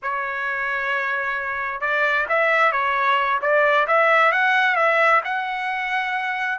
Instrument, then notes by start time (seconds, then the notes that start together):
trumpet
0.02 C#5
1.80 D5
2.29 E5
2.71 C#5
3.41 D5
3.87 E5
4.31 F#5
4.75 E5
5.24 F#5